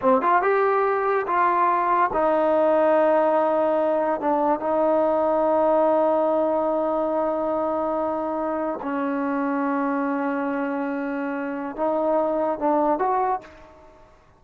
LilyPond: \new Staff \with { instrumentName = "trombone" } { \time 4/4 \tempo 4 = 143 c'8 f'8 g'2 f'4~ | f'4 dis'2.~ | dis'2 d'4 dis'4~ | dis'1~ |
dis'1~ | dis'4 cis'2.~ | cis'1 | dis'2 d'4 fis'4 | }